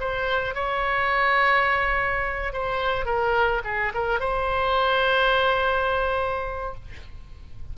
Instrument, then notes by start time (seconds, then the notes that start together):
oboe
0.00 C5
0.55 C#5
2.53 C5
3.06 A#4
3.64 G#4
3.94 A#4
4.20 C5